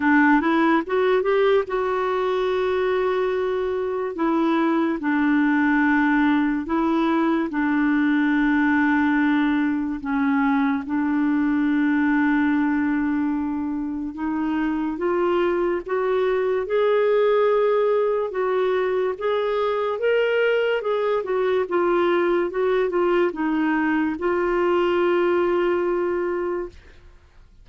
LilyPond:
\new Staff \with { instrumentName = "clarinet" } { \time 4/4 \tempo 4 = 72 d'8 e'8 fis'8 g'8 fis'2~ | fis'4 e'4 d'2 | e'4 d'2. | cis'4 d'2.~ |
d'4 dis'4 f'4 fis'4 | gis'2 fis'4 gis'4 | ais'4 gis'8 fis'8 f'4 fis'8 f'8 | dis'4 f'2. | }